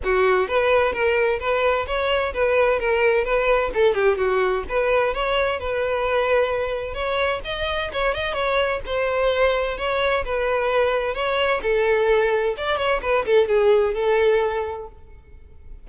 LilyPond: \new Staff \with { instrumentName = "violin" } { \time 4/4 \tempo 4 = 129 fis'4 b'4 ais'4 b'4 | cis''4 b'4 ais'4 b'4 | a'8 g'8 fis'4 b'4 cis''4 | b'2. cis''4 |
dis''4 cis''8 dis''8 cis''4 c''4~ | c''4 cis''4 b'2 | cis''4 a'2 d''8 cis''8 | b'8 a'8 gis'4 a'2 | }